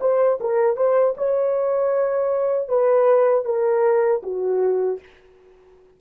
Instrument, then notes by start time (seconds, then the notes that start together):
horn
0.00 C5
0.40 A#4
0.76 C5
1.17 C#5
2.68 B4
3.45 A#4
4.22 F#4